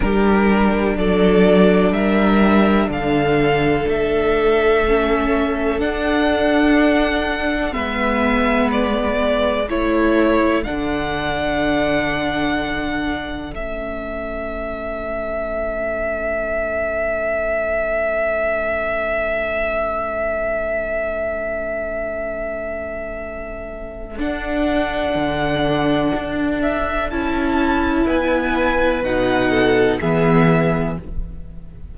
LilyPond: <<
  \new Staff \with { instrumentName = "violin" } { \time 4/4 \tempo 4 = 62 ais'4 d''4 e''4 f''4 | e''2 fis''2 | e''4 d''4 cis''4 fis''4~ | fis''2 e''2~ |
e''1~ | e''1~ | e''4 fis''2~ fis''8 e''8 | a''4 gis''4 fis''4 e''4 | }
  \new Staff \with { instrumentName = "violin" } { \time 4/4 g'4 a'4 ais'4 a'4~ | a'1 | b'2 a'2~ | a'1~ |
a'1~ | a'1~ | a'1~ | a'4 b'4. a'8 gis'4 | }
  \new Staff \with { instrumentName = "viola" } { \time 4/4 d'1~ | d'4 cis'4 d'2 | b2 e'4 d'4~ | d'2 cis'2~ |
cis'1~ | cis'1~ | cis'4 d'2. | e'2 dis'4 b4 | }
  \new Staff \with { instrumentName = "cello" } { \time 4/4 g4 fis4 g4 d4 | a2 d'2 | gis2 a4 d4~ | d2 a2~ |
a1~ | a1~ | a4 d'4 d4 d'4 | cis'4 b4 b,4 e4 | }
>>